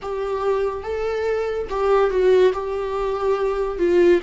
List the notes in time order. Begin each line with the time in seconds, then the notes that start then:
0.02 G4
0.83 A4
1.69 G4
2.10 F#4
2.53 G4
3.78 F4